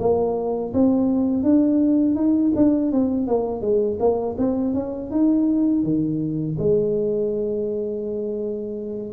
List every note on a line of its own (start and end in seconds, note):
0.00 0.73 A#3
0.74 1.44 C4
1.44 2.16 D4
2.16 2.52 D#4
2.56 2.92 D4
2.92 3.28 C4
3.28 3.62 A#3
3.62 3.98 G#3
4.00 4.37 A#3
4.38 4.75 C4
4.75 5.11 C#4
5.12 5.83 D#4
5.83 6.57 D#3
6.59 9.13 G#3